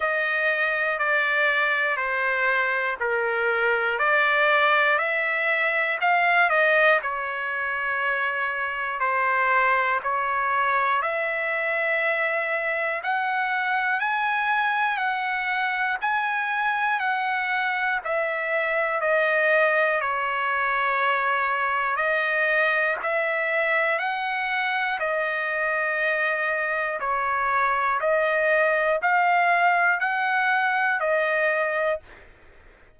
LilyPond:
\new Staff \with { instrumentName = "trumpet" } { \time 4/4 \tempo 4 = 60 dis''4 d''4 c''4 ais'4 | d''4 e''4 f''8 dis''8 cis''4~ | cis''4 c''4 cis''4 e''4~ | e''4 fis''4 gis''4 fis''4 |
gis''4 fis''4 e''4 dis''4 | cis''2 dis''4 e''4 | fis''4 dis''2 cis''4 | dis''4 f''4 fis''4 dis''4 | }